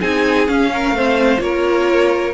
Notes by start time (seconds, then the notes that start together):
0.00 C4 D#4 G#4 G#5
0.48 C#4 F5
0.74 A#4
0.91 A3 C4 C5
1.38 A#3 F4 A#4 C#5